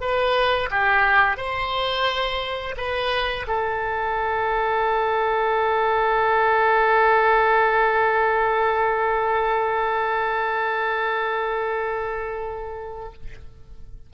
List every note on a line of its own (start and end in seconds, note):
0.00 0.69 B4
0.70 1.37 G4
1.37 2.75 C5
2.77 3.46 B4
3.47 13.13 A4